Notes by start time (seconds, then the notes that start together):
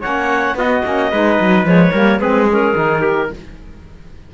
0.00 A#3 C#4 C#5 F#5
0.54 B3 F#4 D#5
0.84 A#3 C#4
1.11 G#3 D#4 B4
1.39 F#3
1.63 F3 G#3 C#5
1.92 G3 A#3 A#4
2.19 G#3 C4 G#4 B4
2.48 C#4 A#4
2.74 D#3 D#4
3.01 G4